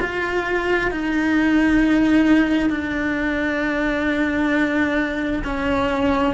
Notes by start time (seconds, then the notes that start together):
0.00 F4
0.91 D#4
2.69 D4
5.43 C#4